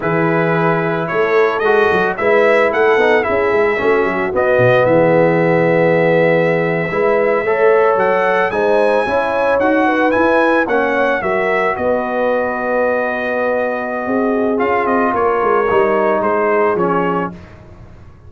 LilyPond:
<<
  \new Staff \with { instrumentName = "trumpet" } { \time 4/4 \tempo 4 = 111 b'2 cis''4 dis''4 | e''4 fis''4 e''2 | dis''4 e''2.~ | e''2~ e''8. fis''4 gis''16~ |
gis''4.~ gis''16 fis''4 gis''4 fis''16~ | fis''8. e''4 dis''2~ dis''16~ | dis''2. f''8 dis''8 | cis''2 c''4 cis''4 | }
  \new Staff \with { instrumentName = "horn" } { \time 4/4 gis'2 a'2 | b'4 a'4 gis'4 fis'4~ | fis'4 gis'2.~ | gis'8. b'4 cis''2 c''16~ |
c''8. cis''4. b'4. cis''16~ | cis''8. ais'4 b'2~ b'16~ | b'2 gis'2 | ais'2 gis'2 | }
  \new Staff \with { instrumentName = "trombone" } { \time 4/4 e'2. fis'4 | e'4. dis'8 e'4 cis'4 | b1~ | b8. e'4 a'2 dis'16~ |
dis'8. e'4 fis'4 e'4 cis'16~ | cis'8. fis'2.~ fis'16~ | fis'2. f'4~ | f'4 dis'2 cis'4 | }
  \new Staff \with { instrumentName = "tuba" } { \time 4/4 e2 a4 gis8 fis8 | gis4 a8 b8 cis'8 gis8 a8 fis8 | b8 b,8 e2.~ | e8. gis4 a4 fis4 gis16~ |
gis8. cis'4 dis'4 e'4 ais16~ | ais8. fis4 b2~ b16~ | b2 c'4 cis'8 c'8 | ais8 gis8 g4 gis4 f4 | }
>>